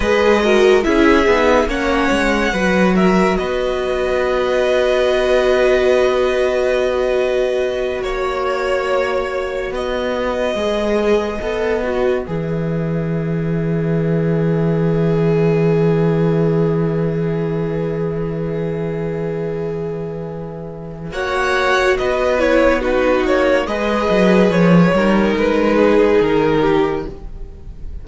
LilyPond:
<<
  \new Staff \with { instrumentName = "violin" } { \time 4/4 \tempo 4 = 71 dis''4 e''4 fis''4. e''8 | dis''1~ | dis''4. cis''2 dis''8~ | dis''2~ dis''8 e''4.~ |
e''1~ | e''1~ | e''4 fis''4 dis''8 cis''8 b'8 cis''8 | dis''4 cis''4 b'4 ais'4 | }
  \new Staff \with { instrumentName = "violin" } { \time 4/4 b'8 ais'8 gis'4 cis''4 b'8 ais'8 | b'1~ | b'4. cis''2 b'8~ | b'1~ |
b'1~ | b'1~ | b'4 cis''4 b'4 fis'4 | b'4. ais'4 gis'4 g'8 | }
  \new Staff \with { instrumentName = "viola" } { \time 4/4 gis'8 fis'8 e'8 dis'8 cis'4 fis'4~ | fis'1~ | fis'1~ | fis'8 gis'4 a'8 fis'8 gis'4.~ |
gis'1~ | gis'1~ | gis'4 fis'4. e'8 dis'4 | gis'4. dis'2~ dis'8 | }
  \new Staff \with { instrumentName = "cello" } { \time 4/4 gis4 cis'8 b8 ais8 gis8 fis4 | b1~ | b4. ais2 b8~ | b8 gis4 b4 e4.~ |
e1~ | e1~ | e4 ais4 b4. ais8 | gis8 fis8 f8 g8 gis4 dis4 | }
>>